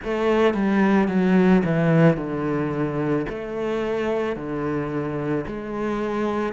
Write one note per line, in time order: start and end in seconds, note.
0.03 0.54 A3
0.54 1.08 G3
1.08 1.62 F#3
1.65 2.17 E3
2.17 3.26 D3
3.29 4.36 A3
4.36 5.45 D3
5.46 6.53 G#3